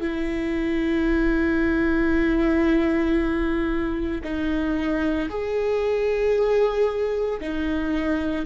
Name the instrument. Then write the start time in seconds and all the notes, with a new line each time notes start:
viola
0.00 E4
4.23 D#4
5.29 G#4
7.40 D#4